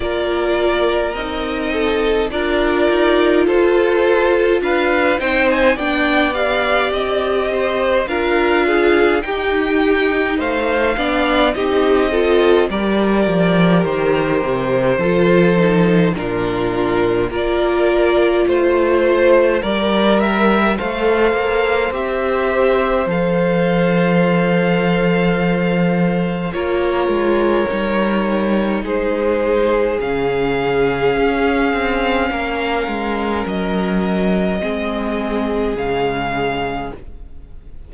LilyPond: <<
  \new Staff \with { instrumentName = "violin" } { \time 4/4 \tempo 4 = 52 d''4 dis''4 d''4 c''4 | f''8 g''16 gis''16 g''8 f''8 dis''4 f''4 | g''4 f''4 dis''4 d''4 | c''2 ais'4 d''4 |
c''4 d''8 e''8 f''4 e''4 | f''2. cis''4~ | cis''4 c''4 f''2~ | f''4 dis''2 f''4 | }
  \new Staff \with { instrumentName = "violin" } { \time 4/4 ais'4. a'8 ais'4 a'4 | b'8 c''8 d''4. c''8 ais'8 gis'8 | g'4 c''8 d''8 g'8 a'8 ais'4~ | ais'4 a'4 f'4 ais'4 |
c''4 ais'4 c''2~ | c''2. ais'4~ | ais'4 gis'2. | ais'2 gis'2 | }
  \new Staff \with { instrumentName = "viola" } { \time 4/4 f'4 dis'4 f'2~ | f'8 dis'8 d'8 g'4. f'4 | dis'4. d'8 dis'8 f'8 g'4~ | g'4 f'8 dis'8 d'4 f'4~ |
f'4 ais'4 a'4 g'4 | a'2. f'4 | dis'2 cis'2~ | cis'2 c'4 gis4 | }
  \new Staff \with { instrumentName = "cello" } { \time 4/4 ais4 c'4 d'8 dis'8 f'4 | d'8 c'8 b4 c'4 d'4 | dis'4 a8 b8 c'4 g8 f8 | dis8 c8 f4 ais,4 ais4 |
a4 g4 a8 ais8 c'4 | f2. ais8 gis8 | g4 gis4 cis4 cis'8 c'8 | ais8 gis8 fis4 gis4 cis4 | }
>>